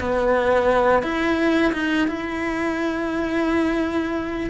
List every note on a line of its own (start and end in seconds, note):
0.00 1.03 B3
1.03 1.73 E4
1.73 2.08 D#4
2.08 4.50 E4